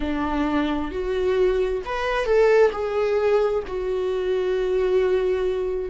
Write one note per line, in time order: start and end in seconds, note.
0.00 0.91 D4
0.91 1.82 F#4
1.85 2.25 B4
2.25 2.70 A4
2.72 3.63 G#4
3.67 5.90 F#4